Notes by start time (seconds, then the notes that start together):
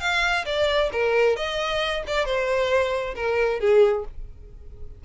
0.00 F5
0.45 D5
0.92 A#4
1.36 D#5
2.07 D5
2.25 C5
3.15 A#4
3.60 G#4